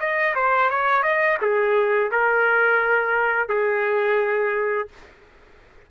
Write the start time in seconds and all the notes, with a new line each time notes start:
0.00 D#5
0.35 C5
0.70 C#5
1.03 D#5
1.41 G#4
2.11 A#4
3.49 G#4